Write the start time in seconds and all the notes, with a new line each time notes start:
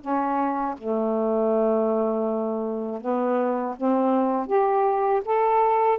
0.00 C#4
0.77 A3
3.00 B3
3.76 C4
4.46 G4
5.25 A4